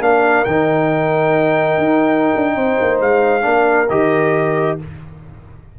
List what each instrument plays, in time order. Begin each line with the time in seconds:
0.00 tuba A#3, trombone D4, horn A#4, trumpet F5
0.45 tuba D#3, trombone D#4, trumpet G5
1.78 tuba D#4
2.36 tuba D4
2.55 tuba C4, horn C5
2.81 tuba A#3
3.01 tuba G#3, trumpet F5
3.42 tuba A#3, trombone D4, horn A#4
3.90 tuba D#3, trombone G4, trumpet D#5